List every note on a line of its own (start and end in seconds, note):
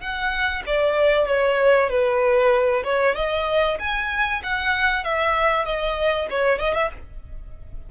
0.00 0.62 F#5
0.66 1.27 D5
1.27 1.89 C#5
1.89 2.83 B4
2.84 3.15 C#5
3.15 3.78 D#5
3.79 4.41 G#5
4.43 5.04 F#5
5.04 5.65 E5
5.65 6.27 D#5
6.30 6.58 C#5
6.58 6.74 D#5
6.74 6.89 E5